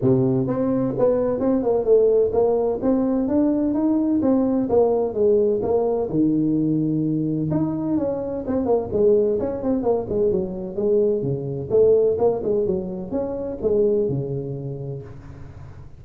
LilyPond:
\new Staff \with { instrumentName = "tuba" } { \time 4/4 \tempo 4 = 128 c4 c'4 b4 c'8 ais8 | a4 ais4 c'4 d'4 | dis'4 c'4 ais4 gis4 | ais4 dis2. |
dis'4 cis'4 c'8 ais8 gis4 | cis'8 c'8 ais8 gis8 fis4 gis4 | cis4 a4 ais8 gis8 fis4 | cis'4 gis4 cis2 | }